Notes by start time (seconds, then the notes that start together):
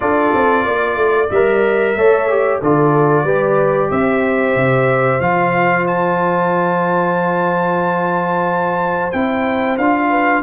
0.00 D4 F4 A4 D5
0.34 C4
0.64 A#3 D5
0.96 A3
1.30 G3 A#4 E5
1.95 A3 A4 C#5
2.29 G4
2.60 D3 F4 A4 D5
3.24 G3 G4 B4
3.90 C4 C5 E5
4.55 C3
5.20 F3 F4 F5
5.87 A5
9.11 C4 E4 G5
9.77 D4 F4 F5
10.09 B4